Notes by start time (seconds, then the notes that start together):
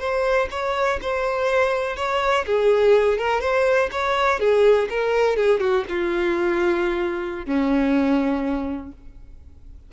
0.00 C5
0.51 C#5
1.02 C5
1.97 C#5
2.46 G#4
3.18 A#4
3.41 C5
3.92 C#5
4.40 G#4
4.90 A#4
5.37 G#4
5.60 F#4
5.89 F4
7.46 C#4